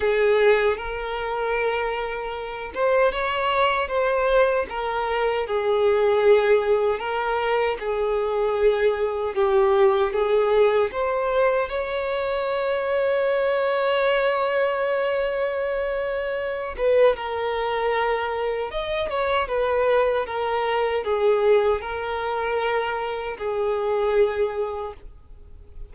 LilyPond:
\new Staff \with { instrumentName = "violin" } { \time 4/4 \tempo 4 = 77 gis'4 ais'2~ ais'8 c''8 | cis''4 c''4 ais'4 gis'4~ | gis'4 ais'4 gis'2 | g'4 gis'4 c''4 cis''4~ |
cis''1~ | cis''4. b'8 ais'2 | dis''8 cis''8 b'4 ais'4 gis'4 | ais'2 gis'2 | }